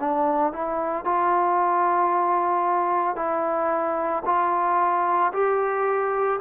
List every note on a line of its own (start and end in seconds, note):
0.00 0.53 D4
0.53 1.04 E4
1.04 3.16 F4
3.16 4.23 E4
4.25 5.32 F4
5.33 6.40 G4